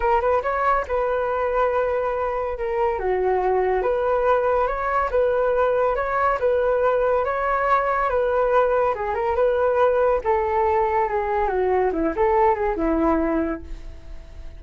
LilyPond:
\new Staff \with { instrumentName = "flute" } { \time 4/4 \tempo 4 = 141 ais'8 b'8 cis''4 b'2~ | b'2 ais'4 fis'4~ | fis'4 b'2 cis''4 | b'2 cis''4 b'4~ |
b'4 cis''2 b'4~ | b'4 gis'8 ais'8 b'2 | a'2 gis'4 fis'4 | e'8 a'4 gis'8 e'2 | }